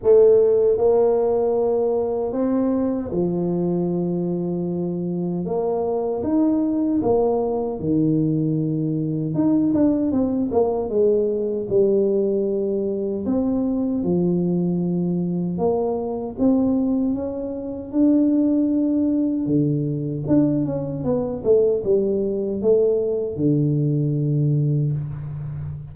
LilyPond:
\new Staff \with { instrumentName = "tuba" } { \time 4/4 \tempo 4 = 77 a4 ais2 c'4 | f2. ais4 | dis'4 ais4 dis2 | dis'8 d'8 c'8 ais8 gis4 g4~ |
g4 c'4 f2 | ais4 c'4 cis'4 d'4~ | d'4 d4 d'8 cis'8 b8 a8 | g4 a4 d2 | }